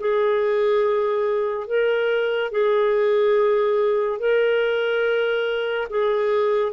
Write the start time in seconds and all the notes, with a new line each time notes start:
0.00 G#4
1.67 A#4
2.52 G#4
4.19 A#4
5.90 G#4